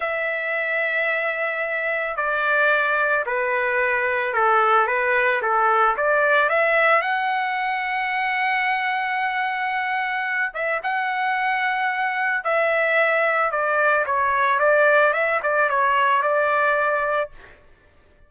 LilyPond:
\new Staff \with { instrumentName = "trumpet" } { \time 4/4 \tempo 4 = 111 e''1 | d''2 b'2 | a'4 b'4 a'4 d''4 | e''4 fis''2.~ |
fis''2.~ fis''8 e''8 | fis''2. e''4~ | e''4 d''4 cis''4 d''4 | e''8 d''8 cis''4 d''2 | }